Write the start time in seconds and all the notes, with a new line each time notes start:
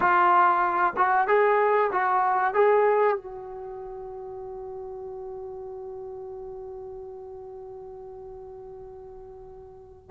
0.00 F4
0.96 F#4
1.27 G#4
1.92 F#4
2.53 G#4
3.17 F#4